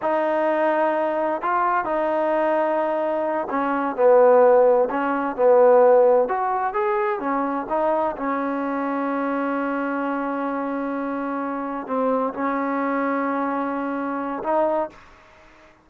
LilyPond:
\new Staff \with { instrumentName = "trombone" } { \time 4/4 \tempo 4 = 129 dis'2. f'4 | dis'2.~ dis'8 cis'8~ | cis'8 b2 cis'4 b8~ | b4. fis'4 gis'4 cis'8~ |
cis'8 dis'4 cis'2~ cis'8~ | cis'1~ | cis'4. c'4 cis'4.~ | cis'2. dis'4 | }